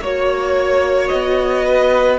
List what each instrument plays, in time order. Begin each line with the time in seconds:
0.00 cello A#3, viola F#4, violin C#5
1.09 cello B3, violin D#5
1.65 violin B4